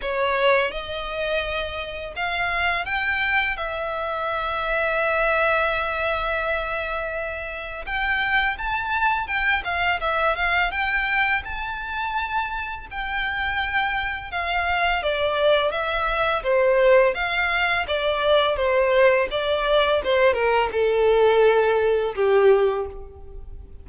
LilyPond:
\new Staff \with { instrumentName = "violin" } { \time 4/4 \tempo 4 = 84 cis''4 dis''2 f''4 | g''4 e''2.~ | e''2. g''4 | a''4 g''8 f''8 e''8 f''8 g''4 |
a''2 g''2 | f''4 d''4 e''4 c''4 | f''4 d''4 c''4 d''4 | c''8 ais'8 a'2 g'4 | }